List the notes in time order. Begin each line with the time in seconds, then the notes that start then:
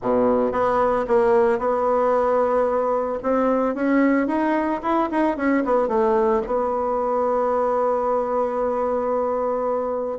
0.02 B2
0.52 B3
1.07 A#3
1.58 B3
3.22 C4
3.75 C#4
4.27 D#4
4.82 E4
5.11 D#4
5.36 C#4
5.64 B3
5.88 A3
6.46 B3